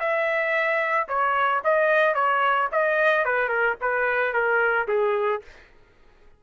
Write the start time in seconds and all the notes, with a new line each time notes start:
0.00 E5
1.08 C#5
1.65 D#5
2.15 C#5
2.72 D#5
3.25 B4
3.49 A#4
3.81 B4
4.34 A#4
4.88 G#4